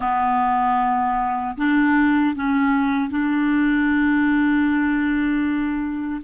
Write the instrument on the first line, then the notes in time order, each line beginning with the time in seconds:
clarinet
0.00 B3
1.57 D4
2.35 C#4
3.10 D4